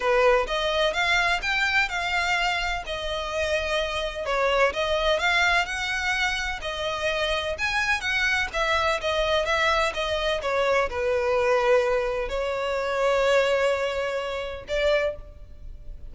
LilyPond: \new Staff \with { instrumentName = "violin" } { \time 4/4 \tempo 4 = 127 b'4 dis''4 f''4 g''4 | f''2 dis''2~ | dis''4 cis''4 dis''4 f''4 | fis''2 dis''2 |
gis''4 fis''4 e''4 dis''4 | e''4 dis''4 cis''4 b'4~ | b'2 cis''2~ | cis''2. d''4 | }